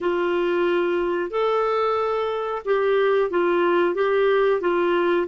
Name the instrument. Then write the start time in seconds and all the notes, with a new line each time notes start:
clarinet
0.00 F4
1.30 A4
2.65 G4
3.30 F4
3.94 G4
4.61 F4